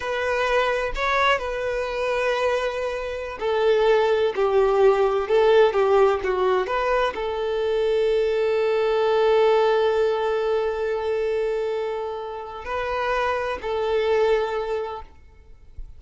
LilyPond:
\new Staff \with { instrumentName = "violin" } { \time 4/4 \tempo 4 = 128 b'2 cis''4 b'4~ | b'2.~ b'16 a'8.~ | a'4~ a'16 g'2 a'8.~ | a'16 g'4 fis'4 b'4 a'8.~ |
a'1~ | a'1~ | a'2. b'4~ | b'4 a'2. | }